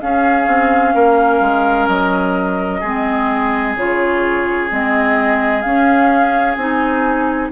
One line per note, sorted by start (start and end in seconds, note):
0.00 0.47 C#4
0.00 2.83 C#4
0.00 0.95 G#4
0.00 1.87 F5
0.47 0.94 C4
0.94 1.40 A#3
0.94 2.80 A#4
1.40 1.87 G#3
1.87 2.81 F#3
1.87 3.75 D#5
2.80 3.76 G#3
2.80 3.77 C4
2.80 7.49 G#4
3.76 4.70 C#3
3.76 4.69 F4
3.76 4.70 C#5
4.69 5.64 G#3
4.69 5.63 C4
4.69 5.62 D#5
5.62 6.57 C#4
5.62 6.56 C#4
5.62 6.55 F5
6.56 7.50 C4
6.56 7.51 D#4
6.56 7.50 G#5